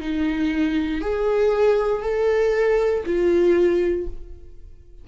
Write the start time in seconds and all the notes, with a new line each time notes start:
0.00 D#4
1.01 G#4
2.02 A4
3.05 F4